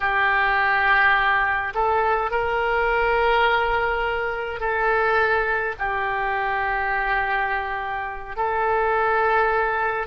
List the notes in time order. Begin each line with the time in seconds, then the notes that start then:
0.00 G4
1.74 A4
2.30 A#4
4.59 A4
5.78 G4
8.36 A4